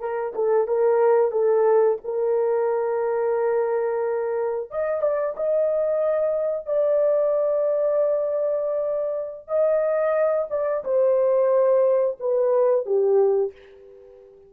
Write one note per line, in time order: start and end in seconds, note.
0.00 0.33 A#4
0.35 0.68 A4
0.68 1.32 A#4
1.32 1.98 A4
2.04 4.71 A#4
4.71 5.02 D#5
5.02 5.35 D5
5.37 6.66 D#5
6.66 9.48 D5
9.48 10.48 D#5
10.51 10.84 D5
10.84 12.18 C5
12.20 12.86 B4
12.86 13.53 G4